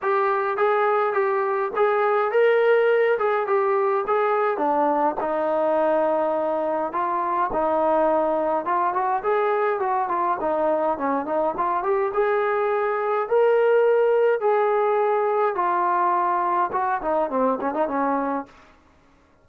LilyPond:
\new Staff \with { instrumentName = "trombone" } { \time 4/4 \tempo 4 = 104 g'4 gis'4 g'4 gis'4 | ais'4. gis'8 g'4 gis'4 | d'4 dis'2. | f'4 dis'2 f'8 fis'8 |
gis'4 fis'8 f'8 dis'4 cis'8 dis'8 | f'8 g'8 gis'2 ais'4~ | ais'4 gis'2 f'4~ | f'4 fis'8 dis'8 c'8 cis'16 dis'16 cis'4 | }